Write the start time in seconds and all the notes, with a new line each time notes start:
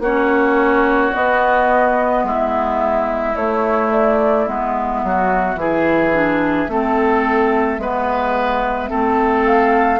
0.00 A#3 C#4 F#4 C#5
1.13 B3 D#5
2.24 G#3 E4 E5
3.36 A3 C#5
3.92 D5
4.47 G#3 B3 E5
5.04 F#3 F#4
5.56 E3 E4 G#4
6.14 D4
6.68 A3 C4 A4
7.79 G#3 B3 B4
8.88 A3 C4 A4
9.46 F5